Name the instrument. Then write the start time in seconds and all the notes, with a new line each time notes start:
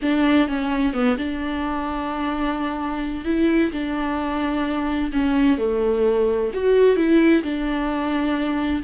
viola
0.01 D4
0.48 C#4
0.93 B3
1.18 D4
3.25 E4
3.72 D4
5.12 C#4
5.58 A3
6.53 F#4
6.96 E4
7.43 D4